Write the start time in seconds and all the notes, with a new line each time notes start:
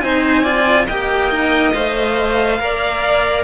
0.00 C4 D#4 C5 G#5
0.43 F4 D5
0.87 A#3 G4 D#5 G5
1.30 D#4
1.74 A3 C5 F5
2.59 A#3 A#4 D5